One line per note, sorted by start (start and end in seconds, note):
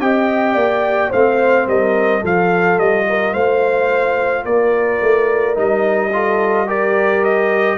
0.00 0.55 C4
0.00 1.12 G4
0.00 0.54 D#5
0.00 1.12 G5
0.54 1.11 A#3
0.54 1.09 D5
1.09 1.67 A3
1.09 2.23 C4
1.09 1.65 C5
1.09 1.68 F5
1.67 2.22 G3
1.67 2.21 A#4
1.67 2.24 D#5
2.21 2.78 F3
2.21 5.54 F4
2.21 3.04 A4
2.21 2.79 F5
2.78 3.34 G3
2.78 3.34 D#5
3.09 3.33 A#4
3.33 4.45 A3
3.33 4.44 C5
3.33 4.45 F5
4.45 5.00 A#3
4.45 6.12 A#4
4.45 5.56 D5
5.02 5.57 A3
5.54 7.78 G3
5.54 6.10 D#4
5.54 6.69 D#5
6.13 6.67 F4
6.13 6.67 A4
6.67 7.78 G4
6.67 7.78 A#4
6.67 7.24 D5
7.24 7.78 D#5